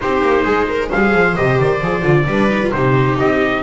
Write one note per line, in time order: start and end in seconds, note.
0.00 0.21 C4
0.00 0.92 D#4
0.00 0.44 G4
0.00 0.90 C5
0.21 0.44 A#3
0.44 0.90 G#3
0.44 0.67 G#4
0.68 0.89 A#4
0.89 1.13 G3
0.89 1.36 G#4
0.89 2.26 C5
0.89 1.36 F5
1.13 1.36 F3
1.36 1.59 C3
1.36 1.81 G4
1.36 1.58 D#5
1.59 1.81 D#3
1.59 2.71 D5
1.81 2.02 F3
1.81 2.02 G#4
2.02 2.25 D3
2.02 2.24 F4
2.27 2.72 G3
2.27 2.49 D4
2.27 2.72 B4
2.49 2.61 D#4
2.62 2.73 F4
2.71 3.18 C3
2.71 3.63 D#4
2.71 3.63 G4
2.71 3.16 C5
3.19 3.63 C4
3.19 3.63 D#5